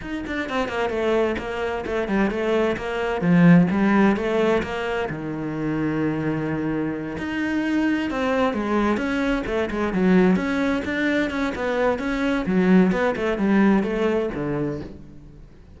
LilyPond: \new Staff \with { instrumentName = "cello" } { \time 4/4 \tempo 4 = 130 dis'8 d'8 c'8 ais8 a4 ais4 | a8 g8 a4 ais4 f4 | g4 a4 ais4 dis4~ | dis2.~ dis8 dis'8~ |
dis'4. c'4 gis4 cis'8~ | cis'8 a8 gis8 fis4 cis'4 d'8~ | d'8 cis'8 b4 cis'4 fis4 | b8 a8 g4 a4 d4 | }